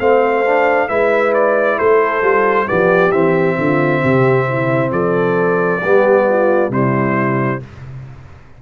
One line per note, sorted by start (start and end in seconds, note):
0.00 0.90 A3
0.00 0.46 C4
0.00 0.89 C5
0.00 0.89 F5
0.46 0.89 D4
0.89 1.79 G#3
0.89 2.23 E4
0.89 1.79 B4
0.89 1.34 E5
1.34 1.79 D5
1.79 2.22 A3
1.79 2.68 A4
1.79 2.68 C5
2.22 2.67 G3
2.22 2.67 F4
2.67 3.12 F3
2.67 3.11 B3
2.67 3.57 G4
2.67 3.12 D5
3.12 3.57 E3
3.12 5.81 C4
3.12 4.91 E5
3.58 4.03 D3
3.58 4.02 F4
4.02 4.91 C3
4.02 4.46 G4
4.49 4.92 E4
4.91 5.81 F3
4.91 5.81 A4
4.91 6.72 D5
5.81 6.70 G3
5.81 6.71 B3
5.81 6.26 G4
6.29 6.72 F4
6.70 7.60 C3
6.70 7.61 G3
6.70 7.62 E4
6.70 7.63 C5